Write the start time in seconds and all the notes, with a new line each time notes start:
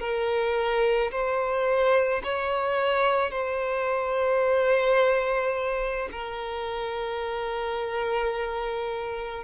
0.00 A#4
1.11 C5
2.24 C#5
3.31 C5
6.12 A#4